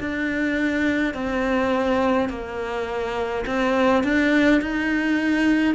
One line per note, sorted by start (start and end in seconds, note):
0.00 1.14 D4
1.14 2.30 C4
2.30 3.45 A#3
3.47 4.04 C4
4.04 4.62 D4
4.62 5.75 D#4